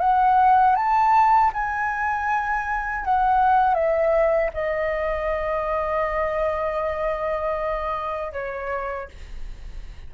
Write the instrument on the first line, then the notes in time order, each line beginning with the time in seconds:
flute
0.00 F#5
0.76 A5
1.53 G#5
3.05 F#5
3.75 E5
4.54 D#5
8.33 C#5